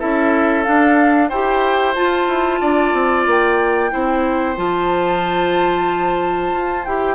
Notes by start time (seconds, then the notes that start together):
0.00 C#4 E4 A4 E5
0.64 D4 F5
1.29 E4 G4 C5 G5
1.95 F4 A5
2.28 E4
2.61 D4 D5
2.94 C4
3.27 A#3 G5
3.91 C4 E4 C5
4.57 F3 F4 A5
6.53 F4
6.85 E4 G4 G5